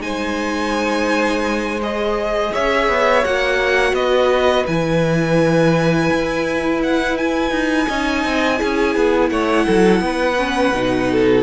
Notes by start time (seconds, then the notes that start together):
0.00 G#3 D#4 C5 G#5
1.82 G#4 D#5
2.53 C#4 C#5 E5
2.88 B3
3.25 A#3 F#4 F#5
3.93 B3 B4 D#5
4.67 E3 E4 G#5
6.12 E4
6.83 F#5
7.17 G#5
7.51 D#4
7.88 C#4 D#4 D#5
8.24 C4
8.56 E4 G#4
8.63 C#4
8.96 B3
9.29 A3 C#5 F#5
9.66 F#3 A4
10.00 B3 B4
10.38 C#4
10.74 B2 D#4
11.12 A4